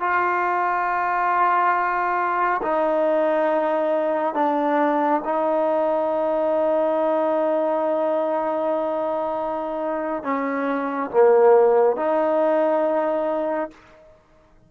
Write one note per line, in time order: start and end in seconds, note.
0.00 2.61 F4
2.62 4.34 D#4
4.34 5.21 D4
5.24 10.23 D#4
10.23 11.10 C#4
11.10 11.96 A#3
11.96 13.70 D#4